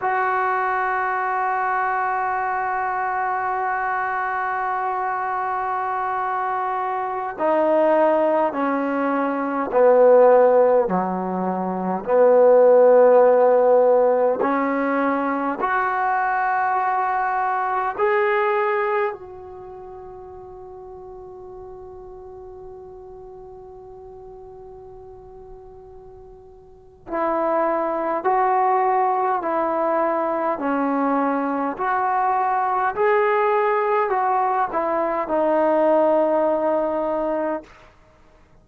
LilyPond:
\new Staff \with { instrumentName = "trombone" } { \time 4/4 \tempo 4 = 51 fis'1~ | fis'2~ fis'16 dis'4 cis'8.~ | cis'16 b4 fis4 b4.~ b16~ | b16 cis'4 fis'2 gis'8.~ |
gis'16 fis'2.~ fis'8.~ | fis'2. e'4 | fis'4 e'4 cis'4 fis'4 | gis'4 fis'8 e'8 dis'2 | }